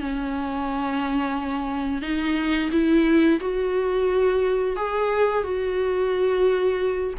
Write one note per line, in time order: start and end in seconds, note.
0.00 2.01 C#4
2.01 2.69 D#4
2.71 3.39 E4
3.40 4.76 F#4
4.76 5.43 G#4
5.43 7.13 F#4